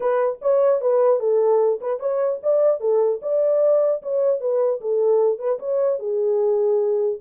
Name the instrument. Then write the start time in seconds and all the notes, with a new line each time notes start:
horn
0.00 B4
0.41 C#5
0.81 B4
1.19 A4
1.81 B4
1.99 C#5
2.42 D5
2.80 A4
3.22 D5
4.02 C#5
4.40 B4
4.80 A4
5.39 B4
5.59 C#5
5.99 G#4